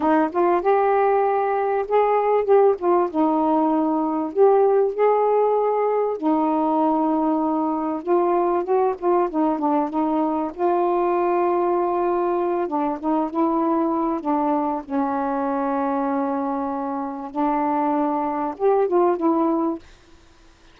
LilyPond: \new Staff \with { instrumentName = "saxophone" } { \time 4/4 \tempo 4 = 97 dis'8 f'8 g'2 gis'4 | g'8 f'8 dis'2 g'4 | gis'2 dis'2~ | dis'4 f'4 fis'8 f'8 dis'8 d'8 |
dis'4 f'2.~ | f'8 d'8 dis'8 e'4. d'4 | cis'1 | d'2 g'8 f'8 e'4 | }